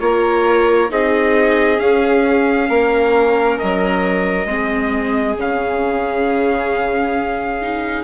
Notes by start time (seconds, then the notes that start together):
0.00 A#3 F4 A#4 C#5
0.90 C4 D#4 G#4 D#5
1.78 C#4 F5
2.69 A#3 A#4
3.59 F#3 D#5
4.46 G#3 C4 G#4
5.37 C#3 C#4 F5
7.62 D#4